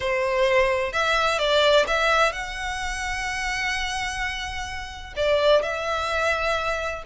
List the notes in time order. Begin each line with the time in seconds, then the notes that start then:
0.00 C5
0.93 E5
1.38 D5
1.87 E5
2.32 F#5
5.16 D5
5.62 E5